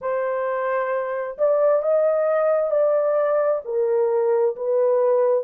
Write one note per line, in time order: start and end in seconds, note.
0.01 1.37 C5
1.38 1.82 D5
1.82 2.70 D#5
2.70 3.61 D5
3.64 4.55 A#4
4.55 5.44 B4